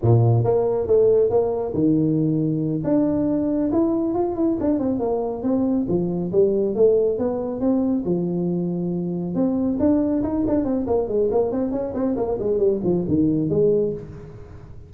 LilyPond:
\new Staff \with { instrumentName = "tuba" } { \time 4/4 \tempo 4 = 138 ais,4 ais4 a4 ais4 | dis2~ dis8 d'4.~ | d'8 e'4 f'8 e'8 d'8 c'8 ais8~ | ais8 c'4 f4 g4 a8~ |
a8 b4 c'4 f4.~ | f4. c'4 d'4 dis'8 | d'8 c'8 ais8 gis8 ais8 c'8 cis'8 c'8 | ais8 gis8 g8 f8 dis4 gis4 | }